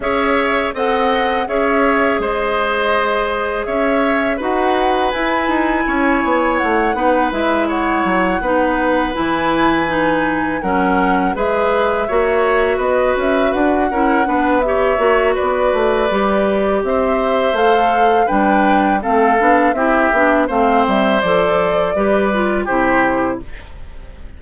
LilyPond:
<<
  \new Staff \with { instrumentName = "flute" } { \time 4/4 \tempo 4 = 82 e''4 fis''4 e''4 dis''4~ | dis''4 e''4 fis''4 gis''4~ | gis''4 fis''4 e''8 fis''4.~ | fis''8 gis''2 fis''4 e''8~ |
e''4. dis''8 e''8 fis''4. | e''4 d''2 e''4 | f''4 g''4 f''4 e''4 | f''8 e''8 d''2 c''4 | }
  \new Staff \with { instrumentName = "oboe" } { \time 4/4 cis''4 dis''4 cis''4 c''4~ | c''4 cis''4 b'2 | cis''4. b'4 cis''4 b'8~ | b'2~ b'8 ais'4 b'8~ |
b'8 cis''4 b'4. ais'8 b'8 | cis''4 b'2 c''4~ | c''4 b'4 a'4 g'4 | c''2 b'4 g'4 | }
  \new Staff \with { instrumentName = "clarinet" } { \time 4/4 gis'4 a'4 gis'2~ | gis'2 fis'4 e'4~ | e'4. dis'8 e'4. dis'8~ | dis'8 e'4 dis'4 cis'4 gis'8~ |
gis'8 fis'2~ fis'8 e'8 d'8 | g'8 fis'4. g'2 | a'4 d'4 c'8 d'8 e'8 d'8 | c'4 a'4 g'8 f'8 e'4 | }
  \new Staff \with { instrumentName = "bassoon" } { \time 4/4 cis'4 c'4 cis'4 gis4~ | gis4 cis'4 dis'4 e'8 dis'8 | cis'8 b8 a8 b8 gis4 fis8 b8~ | b8 e2 fis4 gis8~ |
gis8 ais4 b8 cis'8 d'8 cis'8 b8~ | b8 ais8 b8 a8 g4 c'4 | a4 g4 a8 b8 c'8 b8 | a8 g8 f4 g4 c4 | }
>>